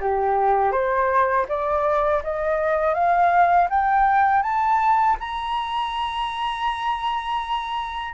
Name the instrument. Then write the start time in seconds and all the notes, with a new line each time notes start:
flute
0.00 G4
0.72 C5
1.48 D5
2.23 D#5
2.94 F5
3.70 G5
4.42 A5
5.20 A#5